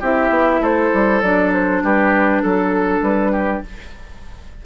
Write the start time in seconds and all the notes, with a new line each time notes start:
0.00 C4 E4 G4 E5
0.30 B3
0.60 A3 A4 C5
0.94 G3
1.21 F#3 D4 D5
1.53 C5
1.83 G3 G4 B4
2.42 F#3 A4
3.02 G3 B4
3.32 G4